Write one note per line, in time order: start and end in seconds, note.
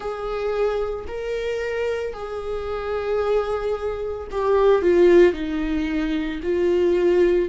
0.00 1.05 G#4
1.07 2.13 A#4
2.13 4.27 G#4
4.31 4.82 G4
4.82 5.33 F4
5.33 6.40 D#4
6.42 7.48 F4